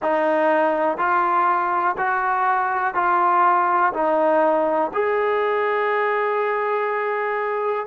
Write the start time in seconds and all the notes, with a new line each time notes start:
0.02 D#4
0.97 F4
1.97 F#4
2.94 F4
3.93 D#4
4.93 G#4